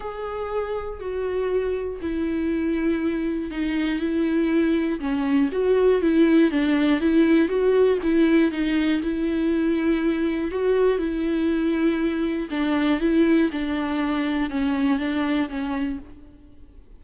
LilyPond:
\new Staff \with { instrumentName = "viola" } { \time 4/4 \tempo 4 = 120 gis'2 fis'2 | e'2. dis'4 | e'2 cis'4 fis'4 | e'4 d'4 e'4 fis'4 |
e'4 dis'4 e'2~ | e'4 fis'4 e'2~ | e'4 d'4 e'4 d'4~ | d'4 cis'4 d'4 cis'4 | }